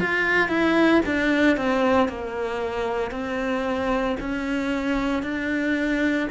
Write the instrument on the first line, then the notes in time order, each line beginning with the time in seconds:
cello
0.00 F4
0.48 E4
1.05 D4
1.57 C4
2.09 A#3
3.11 C4
4.20 C#4
5.23 D4